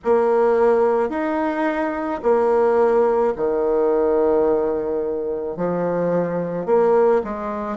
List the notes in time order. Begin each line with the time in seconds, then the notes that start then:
0.04 A#3
1.09 D#4
2.22 A#3
3.36 D#3
5.57 F3
6.66 A#3
7.24 G#3